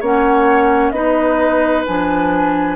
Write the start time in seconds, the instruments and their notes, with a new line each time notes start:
0.00 bassoon A#3, clarinet C#4, oboe C#5, flute F#5
0.90 bassoon B3, clarinet D#4, oboe B4, flute D#5
1.86 bassoon F3, clarinet D4, flute G#5